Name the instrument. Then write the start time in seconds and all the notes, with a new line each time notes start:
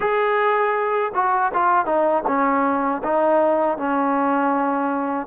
trombone
0.00 G#4
1.14 F#4
1.53 F4
1.85 D#4
2.27 C#4
3.03 D#4
3.77 C#4